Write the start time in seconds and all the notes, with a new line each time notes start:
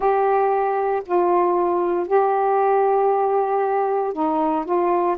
0.00 G4
1.05 F4
2.07 G4
4.13 D#4
4.65 F4